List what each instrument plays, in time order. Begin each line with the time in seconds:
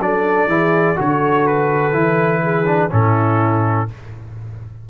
0.00 tuba F#3, trombone D4, horn A4, trumpet D5
0.47 tuba E3, trombone E4, horn G#4
0.97 tuba D3, trombone F#4, horn A4, trumpet C#5
1.47 trumpet B4
1.93 tuba E3, trombone E4
2.43 horn G#4
2.66 trombone D4
2.92 tuba A2, trombone C#4, horn E4, trumpet A4